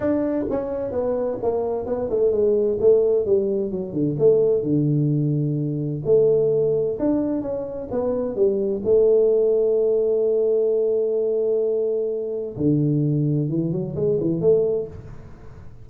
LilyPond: \new Staff \with { instrumentName = "tuba" } { \time 4/4 \tempo 4 = 129 d'4 cis'4 b4 ais4 | b8 a8 gis4 a4 g4 | fis8 d8 a4 d2~ | d4 a2 d'4 |
cis'4 b4 g4 a4~ | a1~ | a2. d4~ | d4 e8 fis8 gis8 e8 a4 | }